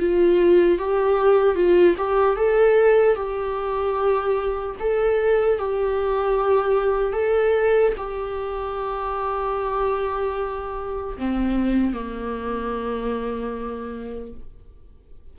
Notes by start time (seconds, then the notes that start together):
0.00 F4
0.79 G4
1.56 F4
1.98 G4
2.37 A4
3.16 G4
4.80 A4
5.59 G4
7.13 A4
7.97 G4
11.18 C4
11.94 A#3